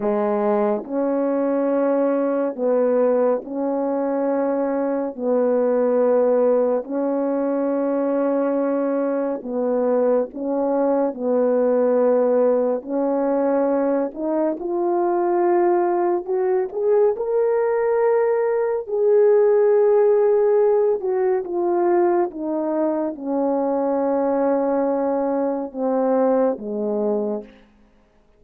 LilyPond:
\new Staff \with { instrumentName = "horn" } { \time 4/4 \tempo 4 = 70 gis4 cis'2 b4 | cis'2 b2 | cis'2. b4 | cis'4 b2 cis'4~ |
cis'8 dis'8 f'2 fis'8 gis'8 | ais'2 gis'2~ | gis'8 fis'8 f'4 dis'4 cis'4~ | cis'2 c'4 gis4 | }